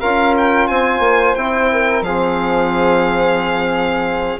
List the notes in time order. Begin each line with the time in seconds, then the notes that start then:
0.00 C#4 F4 A#4 F5
0.37 G5
0.67 C4 C5 G#5
0.99 A#3
1.35 C4 E4 G5
1.72 A#4
2.01 F3 C4 G#4 F5